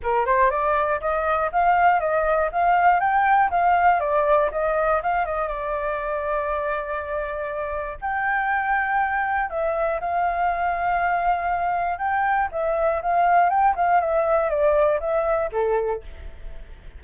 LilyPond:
\new Staff \with { instrumentName = "flute" } { \time 4/4 \tempo 4 = 120 ais'8 c''8 d''4 dis''4 f''4 | dis''4 f''4 g''4 f''4 | d''4 dis''4 f''8 dis''8 d''4~ | d''1 |
g''2. e''4 | f''1 | g''4 e''4 f''4 g''8 f''8 | e''4 d''4 e''4 a'4 | }